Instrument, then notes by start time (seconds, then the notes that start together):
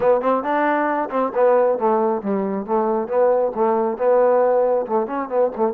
trombone
0.00 B3
0.21 C4
0.43 D4
1.10 C4
1.34 B3
1.78 A3
2.22 G3
2.66 A3
3.08 B3
3.55 A3
3.97 B3
4.86 A3
5.06 C#4
5.28 B3
5.56 A3